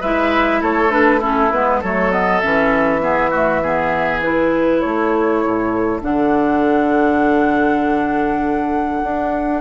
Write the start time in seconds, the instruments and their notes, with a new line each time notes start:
0.00 bassoon G#3, clarinet E4, oboe B4, flute E5
0.61 bassoon A3, oboe A4, flute C#5
0.90 clarinet D4, flute B4
1.20 clarinet C#4, oboe E4, flute A4
1.51 bassoon G#3, clarinet B3, flute B4
1.81 bassoon F#3, clarinet A3, oboe A4, flute C#5
2.11 clarinet B3, flute D#5
2.40 bassoon E3, clarinet C#4, flute E5
3.00 clarinet B3, oboe G#4
3.30 clarinet A3, oboe F#4
3.62 clarinet B3, oboe G#4
4.22 clarinet E4, flute B4
4.80 bassoon A3, oboe A4, flute C#5
5.46 bassoon A2
6.01 bassoon D3, clarinet D4, flute F#5
9.02 bassoon D4